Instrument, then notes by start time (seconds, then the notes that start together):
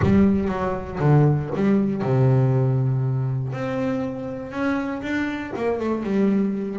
double bass
0.02 G3
0.48 F#3
0.99 D3
1.55 G3
2.02 C3
3.52 C4
4.51 C#4
5.02 D4
5.56 A#3
5.79 A3
6.03 G3